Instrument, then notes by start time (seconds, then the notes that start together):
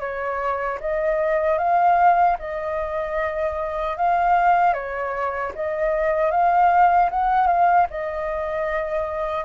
flute
0.00 C#5
0.80 D#5
1.59 F5
2.39 D#5
3.98 F5
4.74 C#5
5.56 D#5
6.31 F5
7.11 F#5
7.47 F5
7.90 D#5